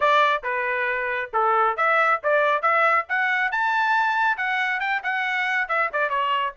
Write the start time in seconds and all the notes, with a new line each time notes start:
0.00 D5
0.43 B4
1.33 A4
1.76 E5
2.23 D5
2.61 E5
3.08 F#5
3.51 A5
4.37 F#5
4.80 G5
5.03 F#5
5.68 E5
5.92 D5
6.09 C#5